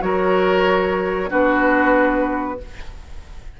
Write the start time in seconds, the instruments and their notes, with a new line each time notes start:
0.00 bassoon F#3, clarinet F#4, oboe A#4, flute C#5
1.28 bassoon B3, clarinet D4, oboe F#4, flute B4